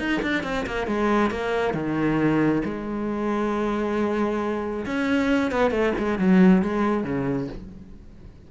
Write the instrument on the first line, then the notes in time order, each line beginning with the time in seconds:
cello
0.00 D#4
0.22 D4
0.44 C4
0.67 A#3
0.88 G#3
1.31 A#3
1.74 D#3
2.65 G#3
4.86 C#4
5.52 B3
5.72 A3
5.98 G#3
6.19 F#3
6.63 G#3
7.04 C#3